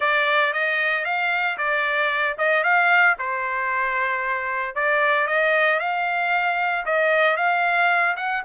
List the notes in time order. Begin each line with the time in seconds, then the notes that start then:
0.00 D5
0.53 D#5
1.04 F5
1.57 D5
2.38 D#5
2.63 F5
3.18 C5
4.75 D5
5.27 D#5
5.79 F5
6.85 D#5
7.36 F5
8.16 F#5